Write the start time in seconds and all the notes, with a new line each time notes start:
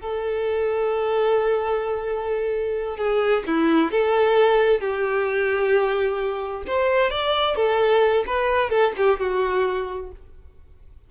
0.00 A4
2.97 G#4
3.46 E4
3.91 A4
4.80 G4
6.66 C5
7.10 D5
7.56 A4
8.26 B4
8.69 A4
8.97 G4
9.19 F#4